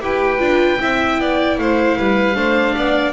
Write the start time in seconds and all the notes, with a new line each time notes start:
0.00 E4 G4 B4 G5
0.38 D4 F4
0.80 C4 E4 E5
1.19 B3 D5
1.58 A3 C5 F5
1.97 G3 B4
2.35 A3 D4 C5
2.76 B3 D5